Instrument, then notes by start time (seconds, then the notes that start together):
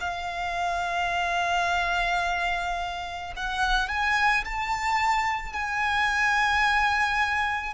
violin
0.00 F5
3.36 F#5
3.88 G#5
4.44 A5
5.53 G#5